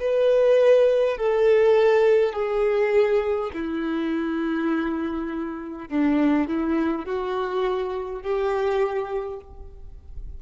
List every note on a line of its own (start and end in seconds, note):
0.00 1.18 B4
1.18 2.33 A4
2.33 3.51 G#4
3.53 5.89 E4
5.89 6.48 D4
6.48 7.05 E4
7.05 8.22 F#4
8.22 9.40 G4